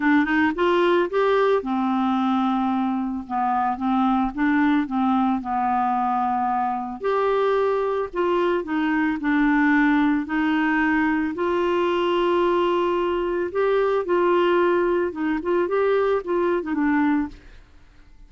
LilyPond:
\new Staff \with { instrumentName = "clarinet" } { \time 4/4 \tempo 4 = 111 d'8 dis'8 f'4 g'4 c'4~ | c'2 b4 c'4 | d'4 c'4 b2~ | b4 g'2 f'4 |
dis'4 d'2 dis'4~ | dis'4 f'2.~ | f'4 g'4 f'2 | dis'8 f'8 g'4 f'8. dis'16 d'4 | }